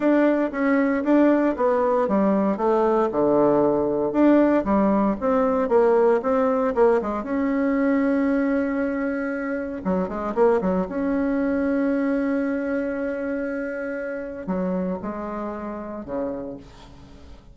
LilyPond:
\new Staff \with { instrumentName = "bassoon" } { \time 4/4 \tempo 4 = 116 d'4 cis'4 d'4 b4 | g4 a4 d2 | d'4 g4 c'4 ais4 | c'4 ais8 gis8 cis'2~ |
cis'2. fis8 gis8 | ais8 fis8 cis'2.~ | cis'1 | fis4 gis2 cis4 | }